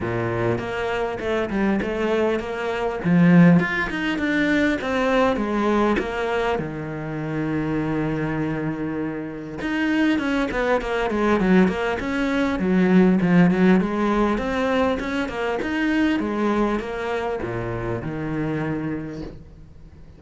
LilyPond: \new Staff \with { instrumentName = "cello" } { \time 4/4 \tempo 4 = 100 ais,4 ais4 a8 g8 a4 | ais4 f4 f'8 dis'8 d'4 | c'4 gis4 ais4 dis4~ | dis1 |
dis'4 cis'8 b8 ais8 gis8 fis8 ais8 | cis'4 fis4 f8 fis8 gis4 | c'4 cis'8 ais8 dis'4 gis4 | ais4 ais,4 dis2 | }